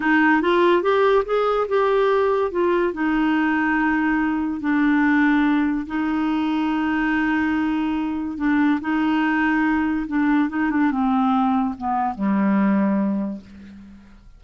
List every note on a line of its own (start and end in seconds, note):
0.00 0.41 D#4
0.41 0.82 F4
0.82 1.24 G4
1.25 1.67 G#4
1.68 2.51 G4
2.51 2.93 F4
2.93 4.60 D#4
4.60 5.86 D4
5.86 8.37 D#4
8.37 8.79 D4
8.80 10.06 D#4
10.07 10.49 D4
10.49 10.70 D#4
10.70 10.91 D4
10.91 11.75 C4
11.77 12.15 B3
12.15 13.41 G3